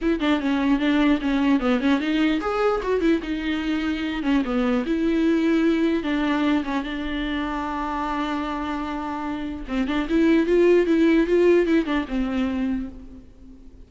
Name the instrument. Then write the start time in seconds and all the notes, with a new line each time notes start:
viola
0.01 E4
0.20 D4
0.40 C#4
0.79 D4
1.21 C#4
1.60 B3
1.80 C#4
2.00 D#4
2.40 G#4
2.82 F#4
3.00 E4
3.22 D#4
4.22 C#4
4.44 B3
4.86 E4
6.03 D4
6.64 C#4
6.83 D4
9.68 C4
9.87 D4
10.09 E4
10.46 F4
10.86 E4
11.27 F4
11.66 E4
11.85 D4
12.08 C4